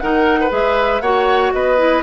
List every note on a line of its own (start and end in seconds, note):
0.00 0.52 D#3
0.00 0.50 D#4
0.00 0.40 A#4
0.00 0.51 F#5
0.40 1.02 B4
0.50 1.01 G#3
0.50 1.01 G#4
0.50 1.02 E5
1.01 1.52 A#3
1.01 1.78 F#4
1.01 1.53 C#5
1.01 1.52 F#5
1.53 2.03 B3
1.53 2.03 B4
1.53 2.03 D#5
1.78 2.03 E4